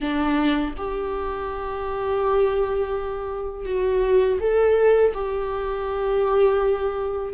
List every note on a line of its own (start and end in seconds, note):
0.00 0.74 D4
0.77 3.66 G4
3.66 4.39 F#4
4.39 5.13 A4
5.14 7.33 G4